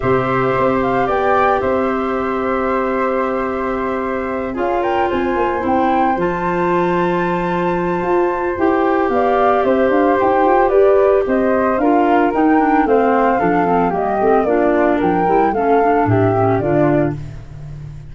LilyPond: <<
  \new Staff \with { instrumentName = "flute" } { \time 4/4 \tempo 4 = 112 e''4. f''8 g''4 e''4~ | e''1~ | e''8 f''8 g''8 gis''4 g''4 a''8~ | a''1 |
g''4 f''4 e''8 f''8 g''4 | d''4 dis''4 f''4 g''4 | f''2 dis''4 d''4 | g''4 f''4 e''4 d''4 | }
  \new Staff \with { instrumentName = "flute" } { \time 4/4 c''2 d''4 c''4~ | c''1~ | c''8 gis'8 ais'8 c''2~ c''8~ | c''1~ |
c''4 d''4 c''2 | b'4 c''4 ais'2 | c''4 a'4 g'4 f'4 | ais'4 a'4 g'4 f'4 | }
  \new Staff \with { instrumentName = "clarinet" } { \time 4/4 g'1~ | g'1~ | g'8 f'2 e'4 f'8~ | f'1 |
g'1~ | g'2 f'4 dis'8 d'8 | c'4 d'8 c'8 ais8 c'8 d'4~ | d'8 e'8 cis'8 d'4 cis'8 d'4 | }
  \new Staff \with { instrumentName = "tuba" } { \time 4/4 c4 c'4 b4 c'4~ | c'1~ | c'8 cis'4 c'8 ais8 c'4 f8~ | f2. f'4 |
e'4 b4 c'8 d'8 dis'8 f'8 | g'4 c'4 d'4 dis'4 | a4 f4 g8 a8 ais4 | f8 g8 a4 a,4 d4 | }
>>